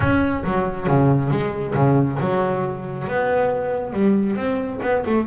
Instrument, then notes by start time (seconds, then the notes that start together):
double bass
0.00 C#4
0.44 F#3
0.87 C#3
1.30 G#3
1.74 C#3
2.20 F#3
3.07 B3
3.93 G3
4.36 C4
4.82 B3
5.06 A3